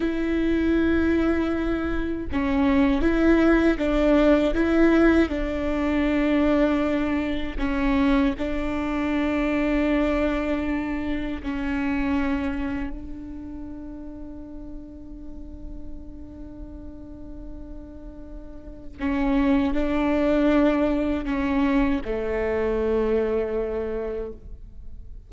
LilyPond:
\new Staff \with { instrumentName = "viola" } { \time 4/4 \tempo 4 = 79 e'2. cis'4 | e'4 d'4 e'4 d'4~ | d'2 cis'4 d'4~ | d'2. cis'4~ |
cis'4 d'2.~ | d'1~ | d'4 cis'4 d'2 | cis'4 a2. | }